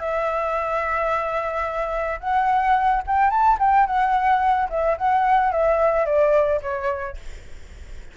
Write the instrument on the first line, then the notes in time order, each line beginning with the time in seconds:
flute
0.00 E5
2.21 F#5
3.07 G5
3.31 A5
3.60 G5
3.87 F#5
4.70 E5
4.98 F#5
5.52 E5
6.06 D5
6.62 C#5